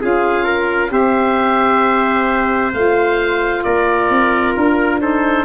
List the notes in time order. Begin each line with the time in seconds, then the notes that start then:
0.00 C#4 F4 G#4 F5
0.44 A#4
0.88 C4 G4 C5 E5
2.73 A3 F4 F5
3.63 A#3 A#4 D5
4.09 C4
4.54 D4 A#4
5.00 D#4 A4 C5